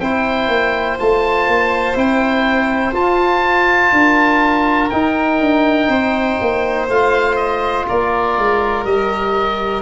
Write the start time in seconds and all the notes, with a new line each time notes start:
0.00 C4 E4 C5 G5
0.48 A#3
0.99 A3 F4 A5
1.47 A#3
1.94 C4 E4 G5
2.93 F4 A5
3.92 D4 A#4
4.90 D#4 G5
5.40 D4
5.88 C4 C5
6.41 A#3
6.89 A3 F4 F5
7.36 D#5
7.88 A#3 A#4 D5
8.38 G#3
8.85 G3 G4 D#5